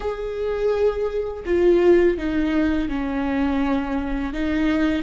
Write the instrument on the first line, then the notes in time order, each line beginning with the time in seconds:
viola
0.00 G#4
1.45 F4
2.17 D#4
2.88 C#4
4.33 D#4